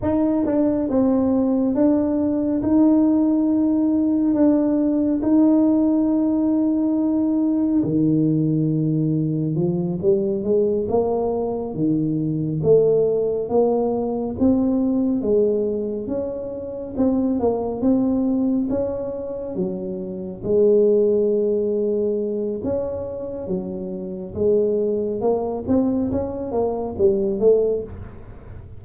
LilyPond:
\new Staff \with { instrumentName = "tuba" } { \time 4/4 \tempo 4 = 69 dis'8 d'8 c'4 d'4 dis'4~ | dis'4 d'4 dis'2~ | dis'4 dis2 f8 g8 | gis8 ais4 dis4 a4 ais8~ |
ais8 c'4 gis4 cis'4 c'8 | ais8 c'4 cis'4 fis4 gis8~ | gis2 cis'4 fis4 | gis4 ais8 c'8 cis'8 ais8 g8 a8 | }